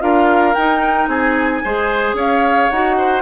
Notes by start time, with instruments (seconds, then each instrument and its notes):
0.00 bassoon D4, clarinet F4, oboe A#4, flute F5
0.54 bassoon D#4, clarinet D#4, flute G5
1.07 bassoon C4, oboe G#4, flute G#5
1.64 bassoon G#3, clarinet G#4, oboe C5
2.14 bassoon C#4, oboe C#5, flute F5
2.70 bassoon D#4, clarinet F#4, flute F#5
2.97 oboe C5